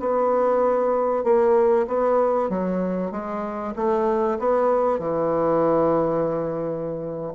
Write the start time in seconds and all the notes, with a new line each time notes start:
0.00 B3
1.24 A#3
1.88 B3
2.50 F#3
3.11 G#3
3.76 A3
4.39 B3
4.99 E3